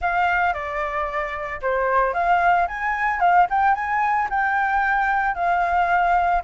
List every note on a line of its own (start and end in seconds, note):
0.01 0.53 F5
0.53 1.60 D5
1.61 2.13 C5
2.13 2.67 F5
2.67 3.20 G#5
3.20 3.47 F5
3.49 3.74 G5
3.74 4.28 G#5
4.30 5.34 G5
5.34 6.41 F5